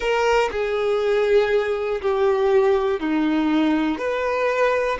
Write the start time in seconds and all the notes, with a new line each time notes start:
0.00 A#4
0.50 G#4
2.01 G4
3.00 D#4
3.98 B4